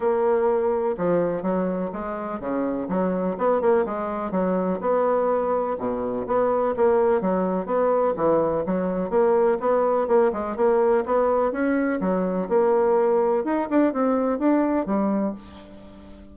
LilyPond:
\new Staff \with { instrumentName = "bassoon" } { \time 4/4 \tempo 4 = 125 ais2 f4 fis4 | gis4 cis4 fis4 b8 ais8 | gis4 fis4 b2 | b,4 b4 ais4 fis4 |
b4 e4 fis4 ais4 | b4 ais8 gis8 ais4 b4 | cis'4 fis4 ais2 | dis'8 d'8 c'4 d'4 g4 | }